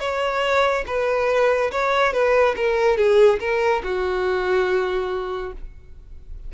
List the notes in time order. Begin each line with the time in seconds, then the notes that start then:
0.00 C#5
0.87 B4
1.72 C#5
2.13 B4
2.57 A#4
2.98 G#4
3.40 A#4
3.84 F#4